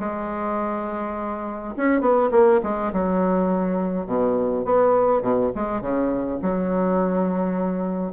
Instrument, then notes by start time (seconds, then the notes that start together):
bassoon
0.00 G#3
1.77 C#4
2.01 B3
2.31 A#3
2.63 G#3
2.93 F#3
4.07 B2
4.65 B3
5.22 B2
5.56 G#3
5.82 C#3
6.42 F#3